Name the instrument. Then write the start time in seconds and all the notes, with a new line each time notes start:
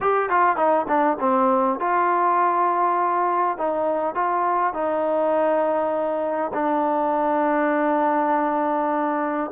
trombone
0.01 G4
0.29 F4
0.56 D#4
0.87 D4
1.20 C4
1.79 F4
3.57 D#4
4.14 F4
4.73 D#4
6.53 D4